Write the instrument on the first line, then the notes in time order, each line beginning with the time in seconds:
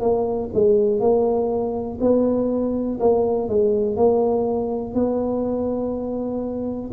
tuba
0.00 A#3
0.54 G#3
1.00 A#3
2.00 B3
3.00 A#3
3.48 G#3
3.96 A#3
4.94 B3